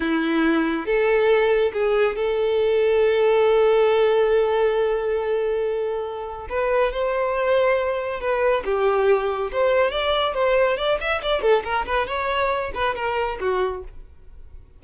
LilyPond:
\new Staff \with { instrumentName = "violin" } { \time 4/4 \tempo 4 = 139 e'2 a'2 | gis'4 a'2.~ | a'1~ | a'2. b'4 |
c''2. b'4 | g'2 c''4 d''4 | c''4 d''8 e''8 d''8 a'8 ais'8 b'8 | cis''4. b'8 ais'4 fis'4 | }